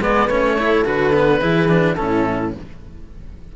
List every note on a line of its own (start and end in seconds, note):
0.00 0.28 G#3
0.00 0.30 B3
0.00 0.56 B4
0.00 0.29 D5
0.28 0.84 A3
0.28 0.58 C#4
0.28 0.85 C#5
0.56 0.85 E4
0.56 1.41 A4
0.85 1.42 D3
0.85 1.13 F#4
0.85 1.96 B4
1.14 1.41 B3
1.41 1.99 E3
1.41 1.69 E4
1.41 1.97 G#4
1.69 1.97 D4
1.96 2.56 A2
1.96 2.54 C#4
1.96 2.54 E4
1.96 2.52 A4